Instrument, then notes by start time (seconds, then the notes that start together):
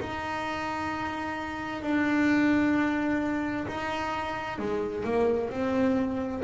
double bass
0.00 D#4
1.82 D4
3.68 D#4
4.59 G#3
5.04 A#3
5.50 C4